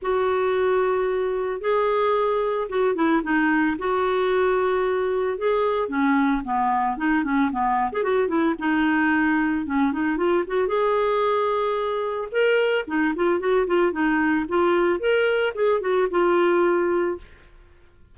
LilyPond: \new Staff \with { instrumentName = "clarinet" } { \time 4/4 \tempo 4 = 112 fis'2. gis'4~ | gis'4 fis'8 e'8 dis'4 fis'4~ | fis'2 gis'4 cis'4 | b4 dis'8 cis'8 b8. gis'16 fis'8 e'8 |
dis'2 cis'8 dis'8 f'8 fis'8 | gis'2. ais'4 | dis'8 f'8 fis'8 f'8 dis'4 f'4 | ais'4 gis'8 fis'8 f'2 | }